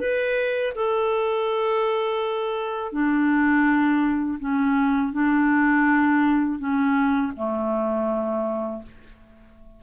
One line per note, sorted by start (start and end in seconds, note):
0.00 0.73 B4
0.75 2.92 A4
2.92 4.38 D4
4.39 5.13 C#4
5.13 6.59 D4
6.59 7.32 C#4
7.36 8.82 A3